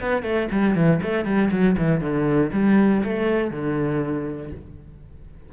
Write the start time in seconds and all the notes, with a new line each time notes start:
0.00 B3
0.22 A3
0.51 G3
0.74 E3
1.02 A3
1.25 G3
1.51 F#3
1.78 E3
2.00 D3
2.52 G3
3.03 A3
3.50 D3